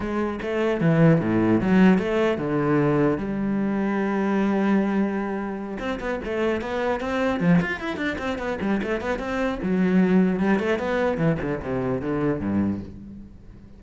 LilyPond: \new Staff \with { instrumentName = "cello" } { \time 4/4 \tempo 4 = 150 gis4 a4 e4 a,4 | fis4 a4 d2 | g1~ | g2~ g8 c'8 b8 a8~ |
a8 b4 c'4 f8 f'8 e'8 | d'8 c'8 b8 g8 a8 b8 c'4 | fis2 g8 a8 b4 | e8 d8 c4 d4 g,4 | }